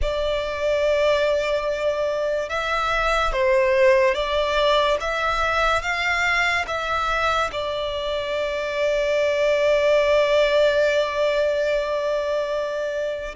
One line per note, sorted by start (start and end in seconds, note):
0.02 2.49 D5
2.49 3.32 E5
3.32 4.14 C5
4.14 4.97 D5
5.00 5.81 E5
5.81 6.65 F5
6.67 7.50 E5
7.52 13.35 D5